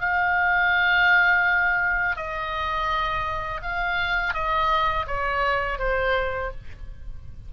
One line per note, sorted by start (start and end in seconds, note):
0.00 2.16 F5
2.16 3.61 D#5
3.62 4.34 F5
4.34 5.06 D#5
5.07 5.78 C#5
5.78 6.51 C5